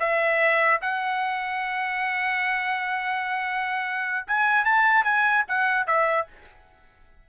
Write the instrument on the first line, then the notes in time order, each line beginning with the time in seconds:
trumpet
0.00 E5
0.82 F#5
4.28 G#5
4.65 A5
5.05 G#5
5.49 F#5
5.87 E5